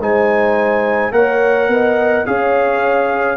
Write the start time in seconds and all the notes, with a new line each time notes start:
0.00 G#3 D#4 C5 G#5
1.12 A#3 A#4 C#5 F#5
1.68 B3 D#5
2.26 C#4 G#4 C#5 F5